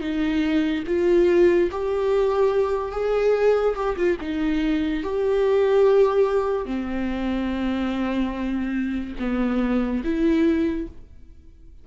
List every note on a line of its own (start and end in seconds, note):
0.00 0.83 D#4
0.87 1.70 F4
1.71 2.91 G4
2.91 3.75 G#4
3.75 3.96 G4
3.96 4.17 F4
4.20 5.03 D#4
5.03 6.66 G4
6.66 9.16 C4
9.19 10.02 B3
10.03 10.87 E4